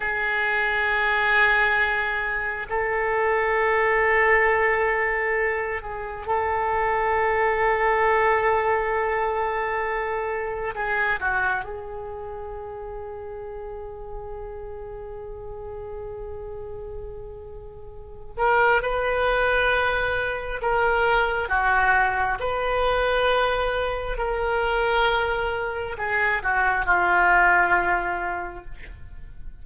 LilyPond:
\new Staff \with { instrumentName = "oboe" } { \time 4/4 \tempo 4 = 67 gis'2. a'4~ | a'2~ a'8 gis'8 a'4~ | a'1 | gis'8 fis'8 gis'2.~ |
gis'1~ | gis'8 ais'8 b'2 ais'4 | fis'4 b'2 ais'4~ | ais'4 gis'8 fis'8 f'2 | }